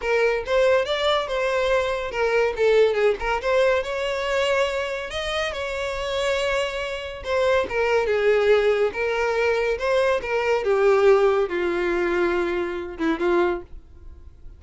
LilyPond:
\new Staff \with { instrumentName = "violin" } { \time 4/4 \tempo 4 = 141 ais'4 c''4 d''4 c''4~ | c''4 ais'4 a'4 gis'8 ais'8 | c''4 cis''2. | dis''4 cis''2.~ |
cis''4 c''4 ais'4 gis'4~ | gis'4 ais'2 c''4 | ais'4 g'2 f'4~ | f'2~ f'8 e'8 f'4 | }